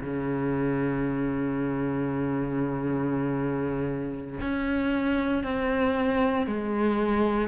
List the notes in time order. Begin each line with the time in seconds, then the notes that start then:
0.00 C#3
4.41 C#4
5.44 C4
6.47 G#3